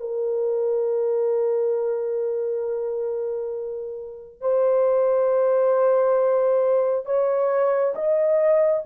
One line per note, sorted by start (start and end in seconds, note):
0.00 4.41 A#4
4.41 7.06 C5
7.06 7.94 C#5
7.95 8.84 D#5